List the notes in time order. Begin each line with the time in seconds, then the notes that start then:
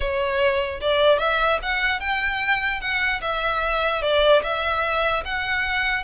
0.00 C#5
0.81 D5
1.18 E5
1.62 F#5
2.00 G5
2.80 F#5
3.21 E5
4.02 D5
4.42 E5
5.25 F#5